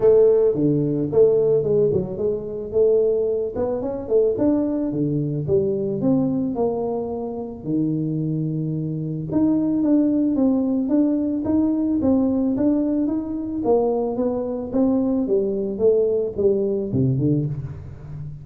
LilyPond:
\new Staff \with { instrumentName = "tuba" } { \time 4/4 \tempo 4 = 110 a4 d4 a4 gis8 fis8 | gis4 a4. b8 cis'8 a8 | d'4 d4 g4 c'4 | ais2 dis2~ |
dis4 dis'4 d'4 c'4 | d'4 dis'4 c'4 d'4 | dis'4 ais4 b4 c'4 | g4 a4 g4 c8 d8 | }